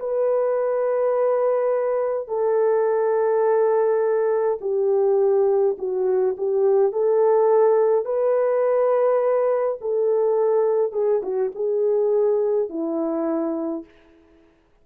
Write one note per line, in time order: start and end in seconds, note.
0.00 2.28 B4
2.28 4.59 A4
4.62 5.77 G4
5.78 6.36 F#4
6.38 6.92 G4
6.92 8.06 A4
8.06 9.79 B4
9.81 10.93 A4
10.93 11.22 G#4
11.23 11.52 F#4
11.55 12.70 G#4
12.70 13.85 E4